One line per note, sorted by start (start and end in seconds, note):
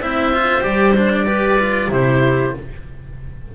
0.00 0.63 C4
0.00 0.33 E4
0.00 1.26 C5
0.00 0.63 E5
0.33 0.61 F4
0.61 1.89 G3
0.61 0.93 G4
0.61 0.95 D5
0.96 1.26 D4
0.96 1.11 C5
1.13 1.92 D5
1.26 1.58 G4
1.26 1.89 B4
1.59 1.91 F4
1.89 2.52 C3
1.89 2.54 E4
1.89 2.54 G4
1.89 2.55 C5